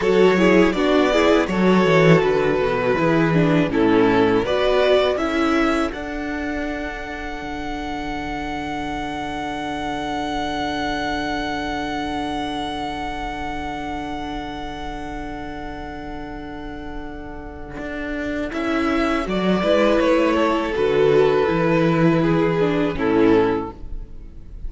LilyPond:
<<
  \new Staff \with { instrumentName = "violin" } { \time 4/4 \tempo 4 = 81 cis''4 d''4 cis''4 b'4~ | b'4 a'4 d''4 e''4 | fis''1~ | fis''1~ |
fis''1~ | fis''1~ | fis''4 e''4 d''4 cis''4 | b'2. a'4 | }
  \new Staff \with { instrumentName = "violin" } { \time 4/4 a'8 gis'8 fis'8 gis'8 a'2 | gis'4 e'4 b'4 a'4~ | a'1~ | a'1~ |
a'1~ | a'1~ | a'2~ a'8 b'4 a'8~ | a'2 gis'4 e'4 | }
  \new Staff \with { instrumentName = "viola" } { \time 4/4 fis'8 e'8 d'8 e'8 fis'2 | e'8 d'8 cis'4 fis'4 e'4 | d'1~ | d'1~ |
d'1~ | d'1~ | d'4 e'4 fis'8 e'4. | fis'4 e'4. d'8 cis'4 | }
  \new Staff \with { instrumentName = "cello" } { \time 4/4 fis4 b4 fis8 e8 d8 b,8 | e4 a,4 b4 cis'4 | d'2 d2~ | d1~ |
d1~ | d1 | d'4 cis'4 fis8 gis8 a4 | d4 e2 a,4 | }
>>